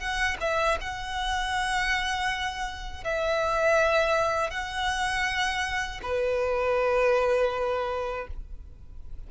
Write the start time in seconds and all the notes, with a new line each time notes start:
0.00 F#5
0.41 E5
0.81 F#5
3.04 E5
4.51 F#5
6.03 B4